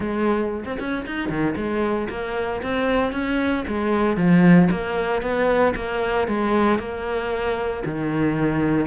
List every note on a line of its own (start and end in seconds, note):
0.00 0.64 G#3
0.65 0.78 C4
0.79 1.05 C#4
1.06 1.29 D#4
1.29 1.55 D#3
1.56 2.08 G#3
2.09 2.62 A#3
2.62 3.12 C4
3.12 3.64 C#4
3.67 4.16 G#3
4.16 4.68 F3
4.71 5.22 A#3
5.22 5.74 B3
5.75 6.27 A#3
6.27 6.78 G#3
6.78 7.83 A#3
7.85 8.86 D#3